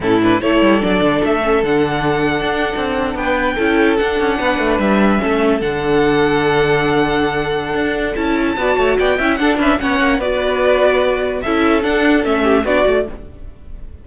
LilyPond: <<
  \new Staff \with { instrumentName = "violin" } { \time 4/4 \tempo 4 = 147 a'8 b'8 cis''4 d''4 e''4 | fis''2.~ fis''8. g''16~ | g''4.~ g''16 fis''2 e''16~ | e''4.~ e''16 fis''2~ fis''16~ |
fis''1 | a''2 g''4 fis''8 e''8 | fis''4 d''2. | e''4 fis''4 e''4 d''4 | }
  \new Staff \with { instrumentName = "violin" } { \time 4/4 e'4 a'2.~ | a'2.~ a'8. b'16~ | b'8. a'2 b'4~ b'16~ | b'8. a'2.~ a'16~ |
a'1~ | a'4 d''8 cis''8 d''8 e''8 a'8 b'8 | cis''4 b'2. | a'2~ a'8 g'8 fis'4 | }
  \new Staff \with { instrumentName = "viola" } { \time 4/4 cis'8 d'8 e'4 d'4. cis'8 | d'1~ | d'8. e'4 d'2~ d'16~ | d'8. cis'4 d'2~ d'16~ |
d'1 | e'4 fis'4. e'8 d'4 | cis'4 fis'2. | e'4 d'4 cis'4 d'8 fis'8 | }
  \new Staff \with { instrumentName = "cello" } { \time 4/4 a,4 a8 g8 fis8 d8 a4 | d2 d'8. c'4 b16~ | b8. cis'4 d'8 cis'8 b8 a8 g16~ | g8. a4 d2~ d16~ |
d2. d'4 | cis'4 b8 a8 b8 cis'8 d'8 cis'8 | b8 ais8 b2. | cis'4 d'4 a4 b8 a8 | }
>>